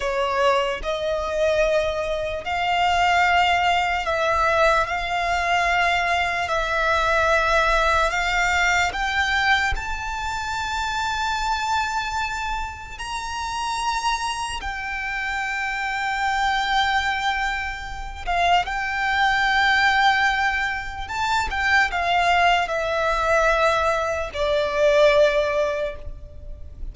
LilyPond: \new Staff \with { instrumentName = "violin" } { \time 4/4 \tempo 4 = 74 cis''4 dis''2 f''4~ | f''4 e''4 f''2 | e''2 f''4 g''4 | a''1 |
ais''2 g''2~ | g''2~ g''8 f''8 g''4~ | g''2 a''8 g''8 f''4 | e''2 d''2 | }